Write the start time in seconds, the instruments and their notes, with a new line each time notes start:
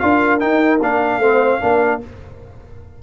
0.00 tuba D4, trombone F4, horn A#4, trumpet F5
0.40 trombone D#4, tuba D#4, trumpet G5
0.81 tuba A#3, trombone D4, trumpet F5
1.19 tuba A3, trombone C4, horn C5
1.61 tuba A#3, trombone D4, horn A#4